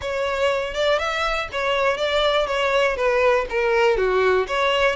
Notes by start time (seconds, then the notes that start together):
0.01 C#5
0.74 D5
0.98 E5
1.52 C#5
1.97 D5
2.47 C#5
2.96 B4
3.49 A#4
3.97 F#4
4.47 C#5